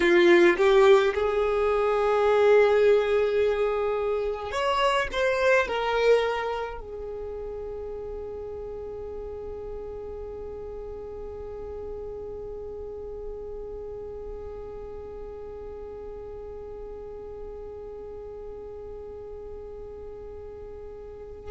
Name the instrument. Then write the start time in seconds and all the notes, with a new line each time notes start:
violin
0.00 F4
0.57 G4
1.14 G#4
4.51 C#5
5.11 C5
5.67 A#4
6.80 G#4